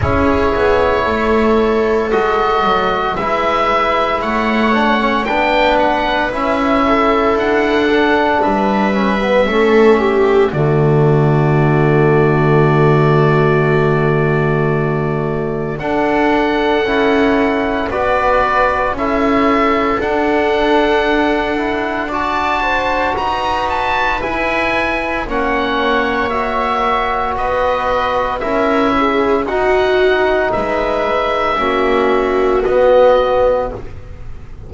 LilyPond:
<<
  \new Staff \with { instrumentName = "oboe" } { \time 4/4 \tempo 4 = 57 cis''2 dis''4 e''4 | fis''4 g''8 fis''8 e''4 fis''4 | e''2 d''2~ | d''2. fis''4~ |
fis''4 d''4 e''4 fis''4~ | fis''4 a''4 ais''8 a''8 gis''4 | fis''4 e''4 dis''4 e''4 | fis''4 e''2 dis''4 | }
  \new Staff \with { instrumentName = "viola" } { \time 4/4 gis'4 a'2 b'4 | cis''4 b'4. a'4. | b'4 a'8 g'8 fis'2~ | fis'2. a'4~ |
a'4 b'4 a'2~ | a'4 d''8 c''8 b'2 | cis''2 b'4 ais'8 gis'8 | fis'4 b'4 fis'2 | }
  \new Staff \with { instrumentName = "trombone" } { \time 4/4 e'2 fis'4 e'4~ | e'8 d'16 cis'16 d'4 e'4. d'8~ | d'8 cis'16 b16 cis'4 a2~ | a2. d'4 |
e'4 fis'4 e'4 d'4~ | d'8 e'8 fis'2 e'4 | cis'4 fis'2 e'4 | dis'2 cis'4 b4 | }
  \new Staff \with { instrumentName = "double bass" } { \time 4/4 cis'8 b8 a4 gis8 fis8 gis4 | a4 b4 cis'4 d'4 | g4 a4 d2~ | d2. d'4 |
cis'4 b4 cis'4 d'4~ | d'2 dis'4 e'4 | ais2 b4 cis'4 | dis'4 gis4 ais4 b4 | }
>>